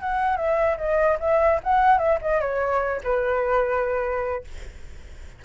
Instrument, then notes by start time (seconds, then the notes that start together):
flute
0.00 F#5
0.36 E5
0.77 D#5
1.20 E5
1.63 F#5
1.98 E5
2.21 D#5
2.40 C#5
3.03 B4